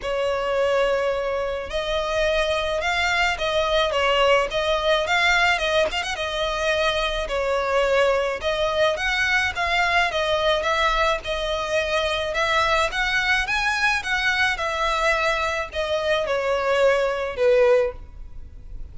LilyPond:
\new Staff \with { instrumentName = "violin" } { \time 4/4 \tempo 4 = 107 cis''2. dis''4~ | dis''4 f''4 dis''4 cis''4 | dis''4 f''4 dis''8 f''16 fis''16 dis''4~ | dis''4 cis''2 dis''4 |
fis''4 f''4 dis''4 e''4 | dis''2 e''4 fis''4 | gis''4 fis''4 e''2 | dis''4 cis''2 b'4 | }